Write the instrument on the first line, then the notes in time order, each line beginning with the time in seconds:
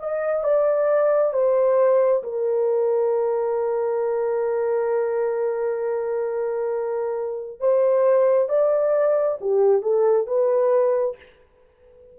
horn
0.00 D#5
0.44 D5
1.34 C5
2.23 A#4
7.60 C5
8.49 D5
9.41 G4
9.82 A4
10.27 B4